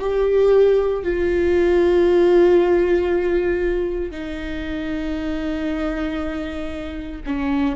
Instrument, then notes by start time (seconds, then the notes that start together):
viola
0.00 G4
1.03 F4
4.11 D#4
7.26 C#4